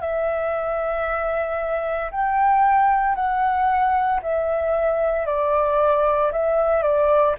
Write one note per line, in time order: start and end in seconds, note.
0.00 2.11 E5
2.11 3.15 G5
3.15 4.20 F#5
4.22 5.26 E5
5.26 6.31 D5
6.32 6.82 E5
6.82 7.35 D5